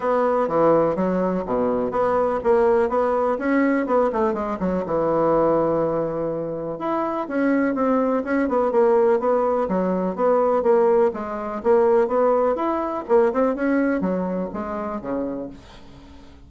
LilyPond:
\new Staff \with { instrumentName = "bassoon" } { \time 4/4 \tempo 4 = 124 b4 e4 fis4 b,4 | b4 ais4 b4 cis'4 | b8 a8 gis8 fis8 e2~ | e2 e'4 cis'4 |
c'4 cis'8 b8 ais4 b4 | fis4 b4 ais4 gis4 | ais4 b4 e'4 ais8 c'8 | cis'4 fis4 gis4 cis4 | }